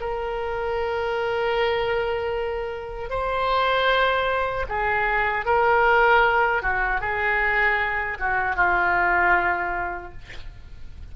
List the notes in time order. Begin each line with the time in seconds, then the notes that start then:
0.00 A#4
3.10 C5
4.69 G#4
5.45 A#4
6.62 F#4
7.01 G#4
8.19 F#4
8.55 F4